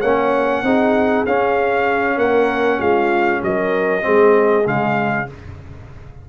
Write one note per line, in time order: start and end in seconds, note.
0.00 0.63 A#3
0.00 0.65 C#4
0.00 0.62 C#5
0.00 1.25 F#5
0.63 1.25 C4
0.63 1.26 D#4
0.63 2.18 G#4
1.26 2.18 C#4
1.26 4.02 C#4
1.26 2.19 F5
2.18 2.79 A#3
2.18 2.79 A#4
2.18 2.80 F#5
2.79 3.42 G#3
2.79 3.41 F4
2.79 3.42 F5
3.42 4.04 F#3
3.42 4.03 A#4
3.42 4.68 D#5
4.02 4.67 G#3
4.02 4.64 C4
4.02 5.27 G#4
4.65 5.29 C#3
4.65 5.27 G#3
4.65 5.30 F5